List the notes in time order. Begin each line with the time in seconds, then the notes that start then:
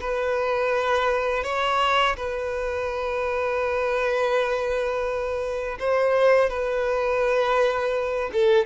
0.00 B4
1.44 C#5
2.16 B4
5.79 C5
6.50 B4
8.33 A4